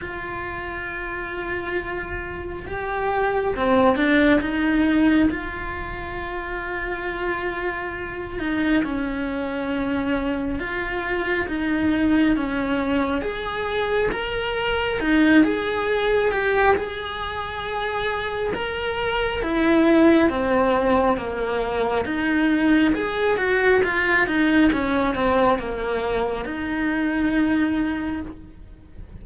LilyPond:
\new Staff \with { instrumentName = "cello" } { \time 4/4 \tempo 4 = 68 f'2. g'4 | c'8 d'8 dis'4 f'2~ | f'4. dis'8 cis'2 | f'4 dis'4 cis'4 gis'4 |
ais'4 dis'8 gis'4 g'8 gis'4~ | gis'4 ais'4 e'4 c'4 | ais4 dis'4 gis'8 fis'8 f'8 dis'8 | cis'8 c'8 ais4 dis'2 | }